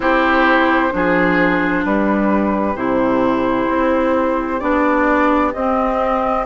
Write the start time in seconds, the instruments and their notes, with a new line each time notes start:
0.00 bassoon C4, clarinet E4, oboe G4, flute C5
0.91 bassoon F3, clarinet D4, oboe G#4
1.84 bassoon G3, oboe G4, flute B4
2.75 bassoon C3, clarinet E4, flute C5
3.68 bassoon C4
4.59 bassoon B3, clarinet D4, flute D5
5.52 bassoon C4, clarinet C4, flute D#5